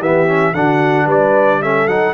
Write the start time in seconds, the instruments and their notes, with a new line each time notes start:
0.00 tuba E3, trombone B3, horn G4, trumpet E5
0.28 trombone C#4
0.54 tuba D3, trombone D4, horn F#4, trumpet F#5
1.06 tuba G3, horn B4, trumpet D5
1.62 trombone C#4, horn A4, trumpet E5
1.87 tuba F#3, trombone D#4, trumpet F#5